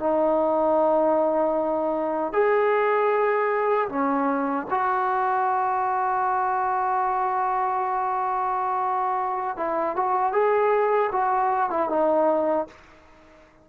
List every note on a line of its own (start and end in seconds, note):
0.00 2.33 D#4
2.33 3.89 G#4
3.89 4.67 C#4
4.70 9.57 F#4
9.57 9.96 E4
9.96 10.32 F#4
10.32 11.10 G#4
11.12 11.70 F#4
11.70 11.89 E4
11.89 12.67 D#4